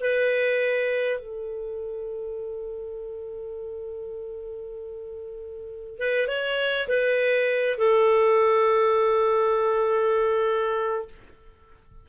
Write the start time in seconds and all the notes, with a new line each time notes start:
0.00 B4
1.20 A4
5.99 B4
6.28 C#5
6.88 B4
7.78 A4